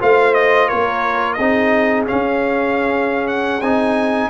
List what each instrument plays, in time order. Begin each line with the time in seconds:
0.00 tuba A3, trombone F4, horn C5, trumpet F5
0.34 trumpet D#5
0.68 tuba A#3, horn A#4, trumpet C#5
1.33 tuba C4, horn G#4, trumpet D#5
1.40 trombone D#4
2.06 trombone C#4, tuba C#4, trumpet F5
3.28 trumpet F#5
3.61 tuba C4, trombone D#4, trumpet G#5